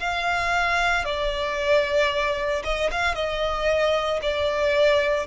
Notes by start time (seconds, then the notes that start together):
0.00 F5
1.05 D5
2.65 D#5
2.91 F5
3.15 D#5
4.22 D5